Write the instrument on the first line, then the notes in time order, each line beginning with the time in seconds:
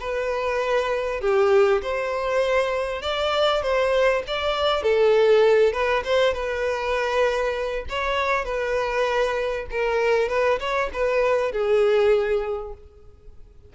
violin
0.00 B4
1.21 G4
1.82 C5
3.02 D5
3.62 C5
4.27 D5
4.82 A4
5.73 B4
6.04 C5
6.33 B4
7.89 C#5
8.44 B4
9.71 A#4
10.29 B4
10.59 C#5
10.93 B4
11.52 G#4